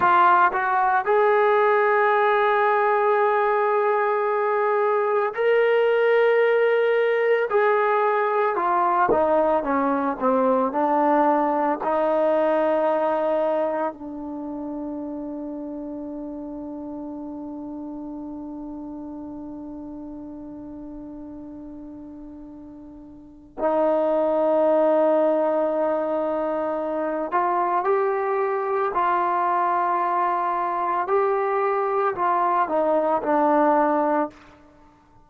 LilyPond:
\new Staff \with { instrumentName = "trombone" } { \time 4/4 \tempo 4 = 56 f'8 fis'8 gis'2.~ | gis'4 ais'2 gis'4 | f'8 dis'8 cis'8 c'8 d'4 dis'4~ | dis'4 d'2.~ |
d'1~ | d'2 dis'2~ | dis'4. f'8 g'4 f'4~ | f'4 g'4 f'8 dis'8 d'4 | }